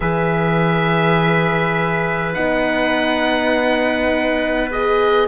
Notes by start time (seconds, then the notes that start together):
0.00 E3 G#4 B4 E5
2.33 B3 D#4 F#5
4.71 G#4 D#5